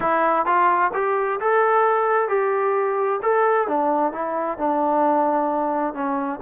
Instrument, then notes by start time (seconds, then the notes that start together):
trombone
0.00 E4
0.45 F4
0.93 G4
1.40 A4
2.28 G4
3.22 A4
3.67 D4
4.12 E4
4.58 D4
5.93 C#4